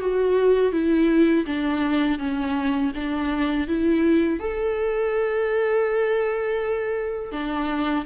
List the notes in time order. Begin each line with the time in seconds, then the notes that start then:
0.00 F#4
0.72 E4
1.46 D4
2.19 C#4
2.95 D4
3.68 E4
4.40 A4
7.32 D4